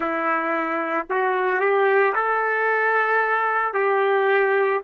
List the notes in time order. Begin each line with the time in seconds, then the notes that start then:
0.00 E4
1.09 F#4
1.60 G4
2.15 A4
3.73 G4